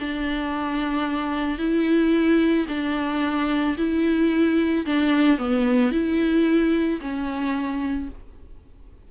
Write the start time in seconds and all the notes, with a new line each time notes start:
0.00 D4
1.58 E4
2.69 D4
3.78 E4
4.86 D4
5.39 B3
5.92 E4
7.01 C#4